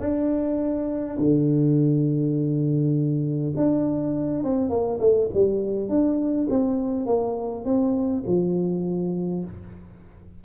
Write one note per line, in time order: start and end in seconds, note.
0.00 1.18 D4
1.18 3.54 D3
3.56 4.44 D4
4.44 4.70 C4
4.70 4.99 A#3
5.00 5.29 A3
5.33 5.89 G3
5.89 6.48 D4
6.50 7.06 C4
7.06 7.65 A#3
7.65 8.24 C4
8.26 9.44 F3